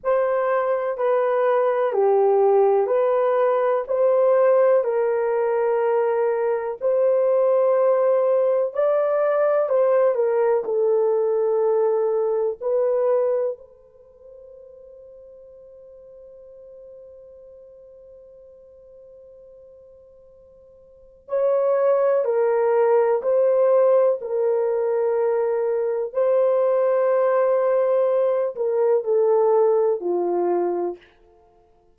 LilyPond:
\new Staff \with { instrumentName = "horn" } { \time 4/4 \tempo 4 = 62 c''4 b'4 g'4 b'4 | c''4 ais'2 c''4~ | c''4 d''4 c''8 ais'8 a'4~ | a'4 b'4 c''2~ |
c''1~ | c''2 cis''4 ais'4 | c''4 ais'2 c''4~ | c''4. ais'8 a'4 f'4 | }